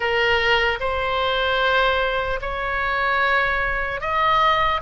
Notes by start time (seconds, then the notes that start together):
0.00 A#4
0.80 C5
2.41 C#5
4.00 D#5